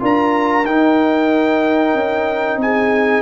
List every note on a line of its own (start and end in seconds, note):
0.00 0.66 D4
0.00 0.65 F4
0.00 2.60 A#4
0.00 0.66 A#5
0.66 1.95 D#4
0.66 3.22 D#4
0.66 2.60 G5
1.95 2.57 C#4
2.57 3.22 C4
2.57 3.22 G#4
2.57 3.22 G#5